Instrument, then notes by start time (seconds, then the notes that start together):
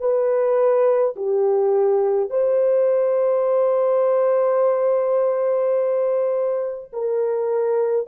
horn
0.00 B4
1.16 G4
2.30 C5
6.93 A#4